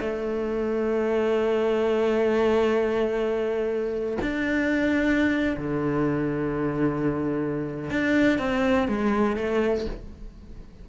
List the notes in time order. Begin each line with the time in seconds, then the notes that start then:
0.00 A3
4.22 D4
5.58 D3
7.90 D4
8.39 C4
8.88 G#3
9.36 A3